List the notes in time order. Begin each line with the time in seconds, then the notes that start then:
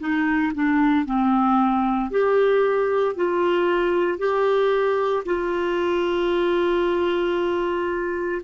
0.00 D#4
0.55 D4
1.06 C4
2.11 G4
3.16 F4
4.19 G4
5.26 F4